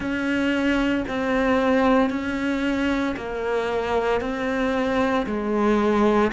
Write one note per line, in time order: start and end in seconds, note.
0.00 1.04 C#4
1.08 2.10 C4
2.10 3.15 C#4
3.16 4.21 A#3
4.21 5.26 C4
5.26 6.32 G#3